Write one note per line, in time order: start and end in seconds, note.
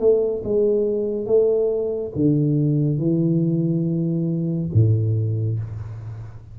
0.00 0.43 A3
0.44 1.27 G#3
1.27 2.12 A3
2.15 2.98 D3
2.98 4.70 E3
4.74 5.59 A2